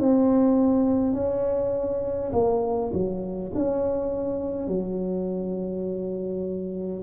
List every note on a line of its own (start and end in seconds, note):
0.00 1.13 C4
1.13 2.31 C#4
2.33 2.92 A#3
2.93 3.52 F#3
3.55 4.68 C#4
4.68 7.04 F#3